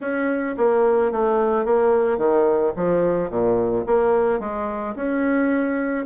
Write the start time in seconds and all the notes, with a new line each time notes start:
0.01 C#4
0.57 A#3
1.11 A3
1.65 A#3
2.17 D#3
2.76 F3
3.30 A#2
3.86 A#3
4.39 G#3
4.95 C#4